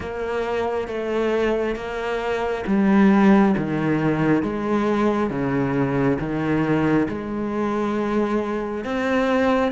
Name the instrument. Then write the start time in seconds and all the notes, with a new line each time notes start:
cello
0.00 A#3
0.87 A3
1.75 A#3
2.67 G3
3.57 D#3
4.42 G#3
5.29 C#3
6.19 D#3
7.08 G#3
8.84 C4